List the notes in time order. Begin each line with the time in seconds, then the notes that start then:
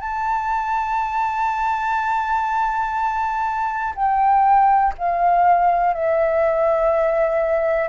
0.00 A5
3.95 G5
4.98 F5
5.93 E5